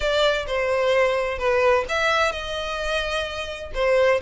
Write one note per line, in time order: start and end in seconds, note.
0.00 0.45 D5
0.46 1.38 C5
1.38 1.85 B4
1.89 2.32 E5
2.32 3.71 D#5
3.74 4.21 C5